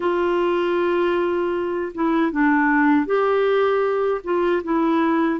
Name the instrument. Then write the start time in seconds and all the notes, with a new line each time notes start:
clarinet
0.00 F4
1.94 E4
2.31 D4
3.06 G4
4.23 F4
4.63 E4